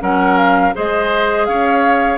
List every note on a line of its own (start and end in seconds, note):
0.00 0.74 F#3
0.00 0.72 C#4
0.00 0.74 A#4
0.00 0.37 F#5
0.37 0.74 F5
0.74 1.48 G#3
0.74 2.18 G#4
0.74 1.48 C5
0.74 1.45 D#5
1.45 2.18 C#4
1.45 2.18 C#5
1.45 2.17 F5